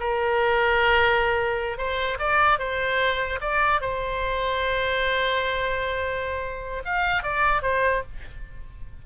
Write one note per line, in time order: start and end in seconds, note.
0.00 1.78 A#4
1.78 2.18 C5
2.19 2.59 D5
2.59 3.40 C5
3.41 3.81 D5
3.81 6.83 C5
6.85 7.23 F5
7.23 7.63 D5
7.63 8.03 C5